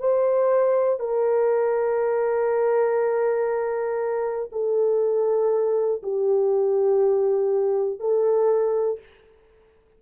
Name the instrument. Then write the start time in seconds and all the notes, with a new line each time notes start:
horn
0.00 C5
1.00 A#4
4.52 A4
6.03 G4
8.00 A4